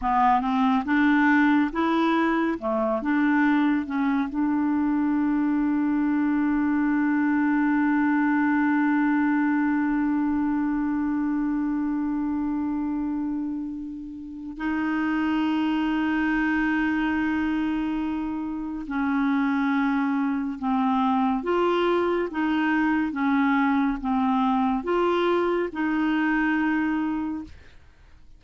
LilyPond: \new Staff \with { instrumentName = "clarinet" } { \time 4/4 \tempo 4 = 70 b8 c'8 d'4 e'4 a8 d'8~ | d'8 cis'8 d'2.~ | d'1~ | d'1~ |
d'4 dis'2.~ | dis'2 cis'2 | c'4 f'4 dis'4 cis'4 | c'4 f'4 dis'2 | }